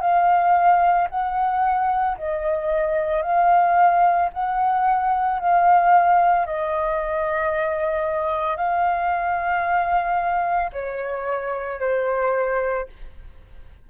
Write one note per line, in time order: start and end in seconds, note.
0.00 1.07 F5
1.10 2.17 F#5
2.17 3.22 D#5
3.22 4.29 F5
4.33 5.39 F#5
5.39 6.46 F5
6.46 8.56 D#5
8.56 10.70 F5
10.72 11.80 C#5
11.80 12.87 C5